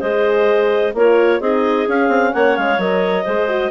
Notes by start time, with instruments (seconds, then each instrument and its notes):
0.00 bassoon G#3, horn G#4, clarinet C5 D#5
0.94 bassoon A#3, horn F4, clarinet A#4 C#5
1.40 bassoon C4, horn D#4, clarinet G#4 D#5
1.87 horn C#4, bassoon C#4, clarinet F5
2.09 bassoon C4
2.31 bassoon A#3, clarinet C#5 F#5
2.57 bassoon G#3, clarinet F5
2.78 bassoon F#3, horn A#4, clarinet D#5
3.24 bassoon G#3, horn G#4, clarinet C5
3.48 horn F#4